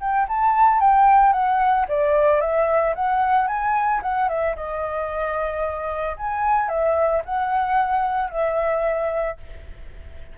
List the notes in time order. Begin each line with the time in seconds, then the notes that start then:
0.00 G5
0.28 A5
0.80 G5
1.33 F#5
1.88 D5
2.40 E5
2.95 F#5
3.47 G#5
4.02 F#5
4.29 E5
4.56 D#5
6.17 G#5
6.68 E5
7.25 F#5
8.30 E5